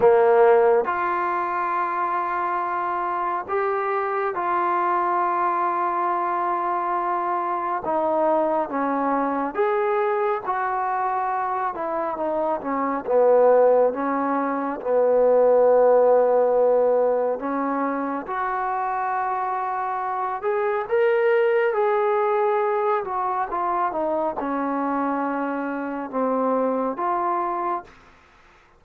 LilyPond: \new Staff \with { instrumentName = "trombone" } { \time 4/4 \tempo 4 = 69 ais4 f'2. | g'4 f'2.~ | f'4 dis'4 cis'4 gis'4 | fis'4. e'8 dis'8 cis'8 b4 |
cis'4 b2. | cis'4 fis'2~ fis'8 gis'8 | ais'4 gis'4. fis'8 f'8 dis'8 | cis'2 c'4 f'4 | }